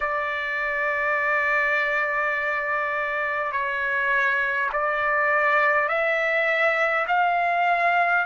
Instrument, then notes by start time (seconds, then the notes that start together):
trumpet
0.00 D5
3.51 C#5
4.72 D5
5.88 E5
7.07 F5